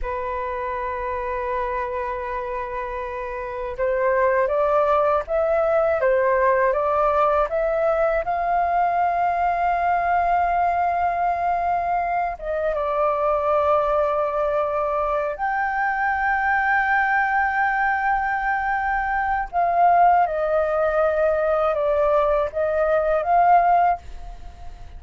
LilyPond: \new Staff \with { instrumentName = "flute" } { \time 4/4 \tempo 4 = 80 b'1~ | b'4 c''4 d''4 e''4 | c''4 d''4 e''4 f''4~ | f''1~ |
f''8 dis''8 d''2.~ | d''8 g''2.~ g''8~ | g''2 f''4 dis''4~ | dis''4 d''4 dis''4 f''4 | }